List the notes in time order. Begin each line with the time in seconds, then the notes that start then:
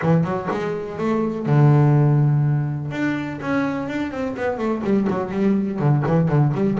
0.02 E3
0.24 F#3
0.50 G#3
0.98 A3
1.46 D3
2.91 D4
3.41 C#4
3.88 D4
4.11 C4
4.36 B3
4.58 A3
4.83 G3
5.09 F#3
5.31 G3
5.79 D3
6.07 E3
6.28 D3
6.54 G3